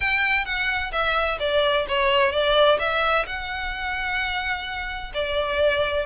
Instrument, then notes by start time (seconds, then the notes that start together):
violin
0.00 G5
0.45 F#5
0.92 E5
1.39 D5
1.88 C#5
2.32 D5
2.79 E5
3.26 F#5
5.14 D5